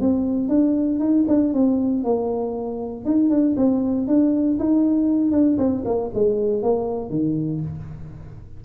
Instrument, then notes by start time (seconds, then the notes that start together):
tuba
0.00 C4
0.48 D4
0.99 D#4
1.28 D4
1.53 C4
2.03 A#3
3.05 D#4
3.30 D4
3.57 C4
4.07 D4
4.59 D#4
5.31 D4
5.57 C4
5.85 A#3
6.14 G#3
6.62 A#3
7.09 D#3